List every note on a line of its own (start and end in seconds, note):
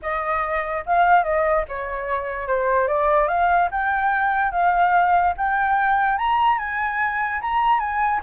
0.02 0.84 D#5
0.86 1.23 F5
1.23 1.64 D#5
1.68 2.47 C#5
2.47 2.87 C5
2.87 3.28 D5
3.28 3.69 F5
3.71 4.51 G5
4.51 5.33 F5
5.37 6.18 G5
6.18 6.58 A#5
6.58 7.40 G#5
7.41 7.79 A#5
7.79 8.20 G#5